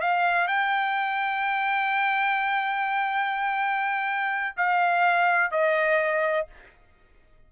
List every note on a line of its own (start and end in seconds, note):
0.00 0.47 F5
0.47 4.55 G5
4.56 5.51 F5
5.51 6.47 D#5